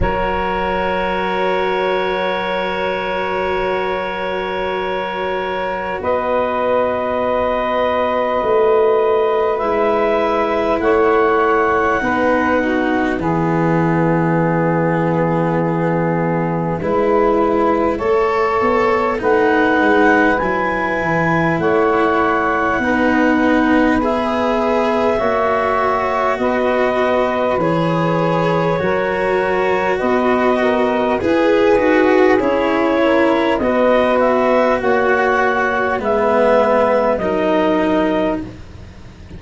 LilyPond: <<
  \new Staff \with { instrumentName = "clarinet" } { \time 4/4 \tempo 4 = 50 cis''1~ | cis''4 dis''2. | e''4 fis''2 e''4~ | e''1 |
fis''4 gis''4 fis''2 | e''2 dis''4 cis''4~ | cis''4 dis''4 b'4 cis''4 | dis''8 e''8 fis''4 e''4 dis''4 | }
  \new Staff \with { instrumentName = "saxophone" } { \time 4/4 ais'1~ | ais'4 b'2.~ | b'4 cis''4 b'8 fis'8 gis'4~ | gis'2 b'4 cis''4 |
b'2 cis''4 b'4~ | b'4 cis''4 b'2 | ais'4 b'8 ais'8 gis'4. ais'8 | b'4 cis''4 b'4 ais'4 | }
  \new Staff \with { instrumentName = "cello" } { \time 4/4 fis'1~ | fis'1 | e'2 dis'4 b4~ | b2 e'4 a'4 |
dis'4 e'2 dis'4 | gis'4 fis'2 gis'4 | fis'2 gis'8 fis'8 e'4 | fis'2 b4 dis'4 | }
  \new Staff \with { instrumentName = "tuba" } { \time 4/4 fis1~ | fis4 b2 a4 | gis4 a4 b4 e4~ | e2 gis4 a8 b8 |
a8 gis8 fis8 e8 a4 b4~ | b4 ais4 b4 e4 | fis4 b4 e'8 dis'8 cis'4 | b4 ais4 gis4 fis4 | }
>>